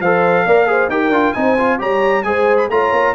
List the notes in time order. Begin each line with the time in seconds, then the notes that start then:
0.00 F3 A4 C5 F5
0.46 A#3 A#4 D5
0.66 G#4 C5
0.88 D#4 G4 A#4 G5
1.09 D4 F4
1.33 C4 D#4 C5 G#5
1.58 F4
1.78 G3 G4 C#5 A#5
2.23 G#3 G#4 C5 G#5
2.57 B5
2.69 A3 F4 C#5 A#5
2.92 A#3